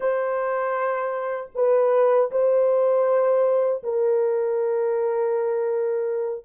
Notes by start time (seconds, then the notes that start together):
0.00 C5
1.54 B4
2.31 C5
3.83 A#4